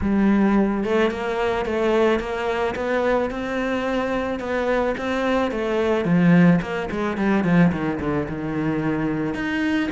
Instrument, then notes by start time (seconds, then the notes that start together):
cello
0.01 G3
0.84 A3
1.10 A#3
1.65 A3
2.19 A#3
2.75 B3
3.30 C4
4.39 B3
4.97 C4
5.51 A3
6.04 F3
6.61 A#3
6.91 G#3
7.17 G3
7.44 F3
7.71 D#3
8.00 D3
8.28 D#3
9.34 D#4